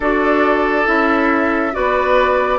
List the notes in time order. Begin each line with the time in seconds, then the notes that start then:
0.00 D4 F#4 A4 D5
0.85 C#4 E4 E5
1.72 B3 F#4 B4 D5